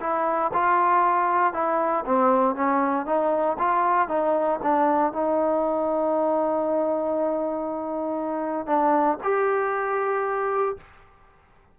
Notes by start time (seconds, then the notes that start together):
0.00 E4
0.53 F4
1.53 E4
2.06 C4
2.55 C#4
3.06 D#4
3.59 F4
4.08 D#4
4.62 D4
5.13 D#4
8.67 D4
9.23 G4